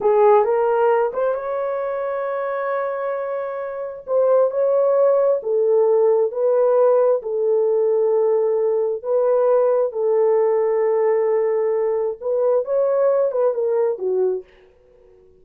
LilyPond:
\new Staff \with { instrumentName = "horn" } { \time 4/4 \tempo 4 = 133 gis'4 ais'4. c''8 cis''4~ | cis''1~ | cis''4 c''4 cis''2 | a'2 b'2 |
a'1 | b'2 a'2~ | a'2. b'4 | cis''4. b'8 ais'4 fis'4 | }